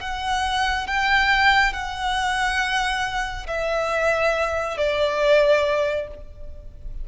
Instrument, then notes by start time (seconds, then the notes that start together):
violin
0.00 F#5
0.87 G5
1.73 F#5
3.47 E5
4.77 D5